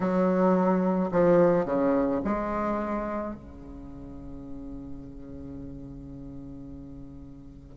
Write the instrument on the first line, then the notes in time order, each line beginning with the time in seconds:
bassoon
0.00 F#3
1.11 F3
1.65 C#3
2.24 G#3
3.34 C#3